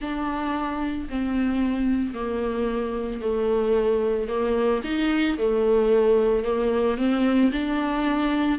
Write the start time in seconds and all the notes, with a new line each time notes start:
0.00 D4
1.09 C4
2.14 A#3
3.21 A3
4.28 A#3
4.84 D#4
5.38 A3
6.43 A#3
6.97 C4
7.51 D4